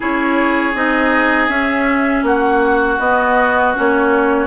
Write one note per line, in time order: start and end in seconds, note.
0.00 0.74 C#4
0.00 0.74 E4
0.00 2.24 G#4
0.00 0.75 C#5
0.74 1.48 C4
0.74 1.48 D#4
0.74 1.49 D#5
1.48 2.98 C#4
1.48 2.23 C#4
1.48 2.24 E5
2.23 2.98 A#3
2.23 4.47 F#4
2.23 2.99 F#5
2.99 3.74 B3
2.99 3.74 D#5
3.74 4.47 A#3
3.74 4.47 C#4
3.74 4.47 C#5